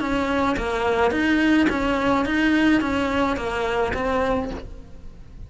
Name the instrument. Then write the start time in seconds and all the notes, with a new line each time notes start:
cello
0.00 C#4
0.57 A#3
1.11 D#4
1.69 C#4
2.26 D#4
2.81 C#4
3.37 A#3
3.94 C4